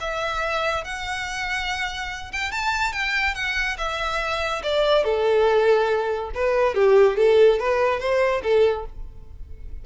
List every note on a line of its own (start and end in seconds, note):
0.00 0.84 E5
0.84 2.32 F#5
2.32 2.51 G5
2.51 2.93 A5
2.93 3.34 G5
3.34 3.77 F#5
3.77 4.62 E5
4.63 5.04 D5
5.04 6.31 A4
6.34 6.75 B4
6.75 7.17 G4
7.17 7.59 A4
7.59 7.99 B4
7.99 8.42 C5
8.43 8.85 A4